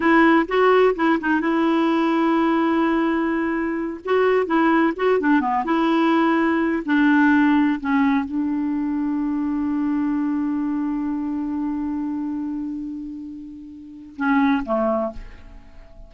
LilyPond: \new Staff \with { instrumentName = "clarinet" } { \time 4/4 \tempo 4 = 127 e'4 fis'4 e'8 dis'8 e'4~ | e'1~ | e'8 fis'4 e'4 fis'8 d'8 b8 | e'2~ e'8 d'4.~ |
d'8 cis'4 d'2~ d'8~ | d'1~ | d'1~ | d'2 cis'4 a4 | }